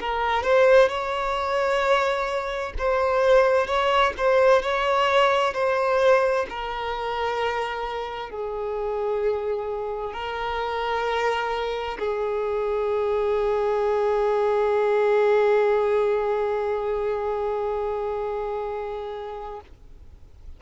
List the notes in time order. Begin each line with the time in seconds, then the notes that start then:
0.00 A#4
0.43 C5
0.89 C#5
2.78 C5
3.67 C#5
4.17 C5
4.62 C#5
5.53 C5
6.50 A#4
8.30 G#4
10.13 A#4
11.99 G#4